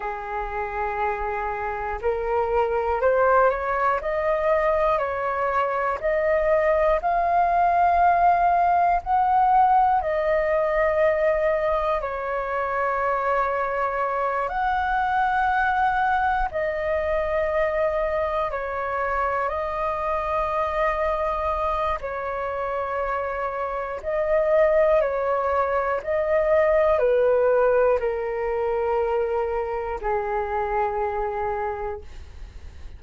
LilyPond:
\new Staff \with { instrumentName = "flute" } { \time 4/4 \tempo 4 = 60 gis'2 ais'4 c''8 cis''8 | dis''4 cis''4 dis''4 f''4~ | f''4 fis''4 dis''2 | cis''2~ cis''8 fis''4.~ |
fis''8 dis''2 cis''4 dis''8~ | dis''2 cis''2 | dis''4 cis''4 dis''4 b'4 | ais'2 gis'2 | }